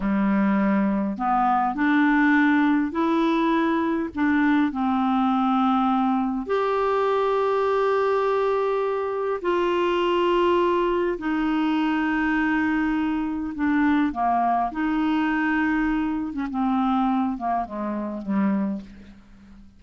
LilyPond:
\new Staff \with { instrumentName = "clarinet" } { \time 4/4 \tempo 4 = 102 g2 b4 d'4~ | d'4 e'2 d'4 | c'2. g'4~ | g'1 |
f'2. dis'4~ | dis'2. d'4 | ais4 dis'2~ dis'8. cis'16 | c'4. ais8 gis4 g4 | }